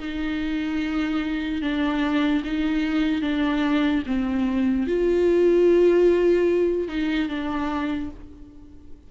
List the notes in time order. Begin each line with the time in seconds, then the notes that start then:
0.00 D#4
1.62 D4
2.45 D#4
3.22 D4
4.07 C4
4.88 F4
6.88 D#4
7.29 D4